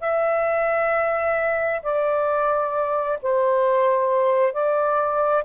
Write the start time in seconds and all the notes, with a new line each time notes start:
0.00 E5
1.83 D5
3.22 C5
4.53 D5